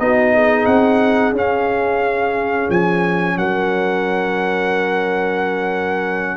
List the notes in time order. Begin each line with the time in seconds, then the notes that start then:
0.00 B3 D#4 F#4 D#5
0.34 G#4
0.66 C4 F#5
1.33 C#4 F5
2.70 F3 G#5
3.37 F#3 A#4 F#5